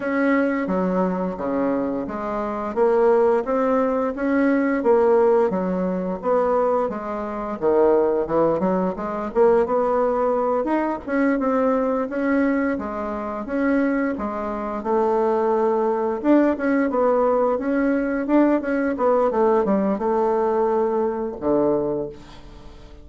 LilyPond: \new Staff \with { instrumentName = "bassoon" } { \time 4/4 \tempo 4 = 87 cis'4 fis4 cis4 gis4 | ais4 c'4 cis'4 ais4 | fis4 b4 gis4 dis4 | e8 fis8 gis8 ais8 b4. dis'8 |
cis'8 c'4 cis'4 gis4 cis'8~ | cis'8 gis4 a2 d'8 | cis'8 b4 cis'4 d'8 cis'8 b8 | a8 g8 a2 d4 | }